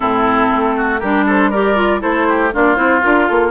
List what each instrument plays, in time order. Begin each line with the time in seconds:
0.00 bassoon A2, clarinet C4, oboe E4, flute A4
0.52 bassoon A3
0.76 oboe F#4
0.99 bassoon G3, clarinet D4, oboe G4, flute A#4
1.26 oboe A4, flute C5
1.50 clarinet G4, oboe A#4, flute D5
1.76 clarinet F4
1.99 bassoon A3, clarinet E4, oboe A4, flute C5
2.28 oboe G4
2.53 bassoon A#3, clarinet D4, oboe F4, flute D5
2.75 bassoon C4, clarinet E4, flute C5
3.02 bassoon D4, clarinet F4, flute A#4
3.27 bassoon A#3, flute A4